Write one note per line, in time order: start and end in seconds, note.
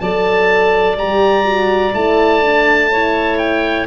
0.00 0.97 F#3
0.00 0.98 A4
0.00 2.91 D5
0.00 0.97 A5
0.97 1.94 G3
0.97 1.44 G4
0.97 1.94 A#5
1.44 1.93 F#4
1.94 3.87 A3
1.94 2.42 E4
1.94 3.38 A5
2.42 2.90 D4
2.91 3.87 E4
2.91 3.87 C#5
3.38 3.87 G5